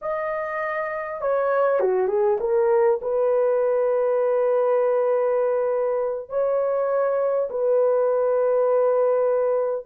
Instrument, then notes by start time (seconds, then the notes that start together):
horn
0.01 D#5
1.21 C#5
1.79 F#4
2.07 G#4
2.40 A#4
3.01 B4
6.29 C#5
7.50 B4